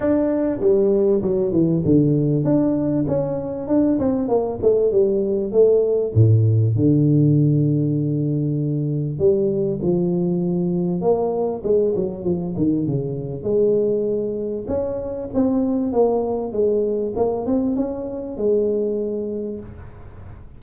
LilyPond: \new Staff \with { instrumentName = "tuba" } { \time 4/4 \tempo 4 = 98 d'4 g4 fis8 e8 d4 | d'4 cis'4 d'8 c'8 ais8 a8 | g4 a4 a,4 d4~ | d2. g4 |
f2 ais4 gis8 fis8 | f8 dis8 cis4 gis2 | cis'4 c'4 ais4 gis4 | ais8 c'8 cis'4 gis2 | }